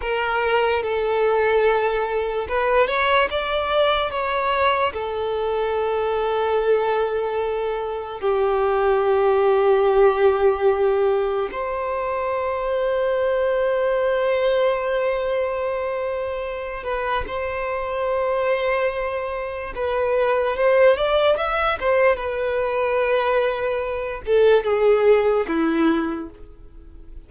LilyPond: \new Staff \with { instrumentName = "violin" } { \time 4/4 \tempo 4 = 73 ais'4 a'2 b'8 cis''8 | d''4 cis''4 a'2~ | a'2 g'2~ | g'2 c''2~ |
c''1~ | c''8 b'8 c''2. | b'4 c''8 d''8 e''8 c''8 b'4~ | b'4. a'8 gis'4 e'4 | }